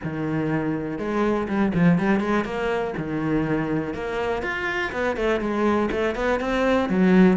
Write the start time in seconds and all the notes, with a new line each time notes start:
0.03 D#3
0.98 G#3
1.48 G3
1.74 F3
1.98 G3
2.20 G#3
2.44 A#3
2.97 D#3
3.94 A#3
4.42 F4
4.92 B3
5.16 A3
5.40 G#3
5.91 A3
6.15 B3
6.40 C4
6.89 F#3